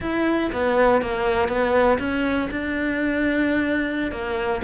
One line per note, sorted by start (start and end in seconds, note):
0.00 0.50 E4
0.52 1.01 B3
1.01 1.48 A#3
1.48 1.98 B3
1.99 2.49 C#4
2.50 4.11 D4
4.11 4.61 A#3